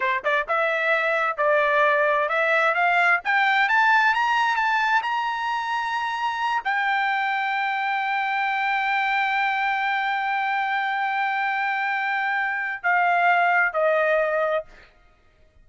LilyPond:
\new Staff \with { instrumentName = "trumpet" } { \time 4/4 \tempo 4 = 131 c''8 d''8 e''2 d''4~ | d''4 e''4 f''4 g''4 | a''4 ais''4 a''4 ais''4~ | ais''2~ ais''8 g''4.~ |
g''1~ | g''1~ | g''1 | f''2 dis''2 | }